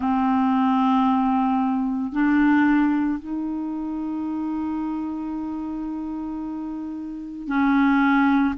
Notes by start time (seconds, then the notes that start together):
0.00 C4
2.12 D4
3.19 D#4
7.47 C#4